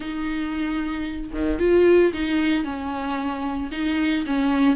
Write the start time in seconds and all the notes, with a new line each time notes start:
0.00 D#4
1.33 D#3
1.59 F4
2.13 D#4
2.64 C#4
3.71 D#4
4.26 C#4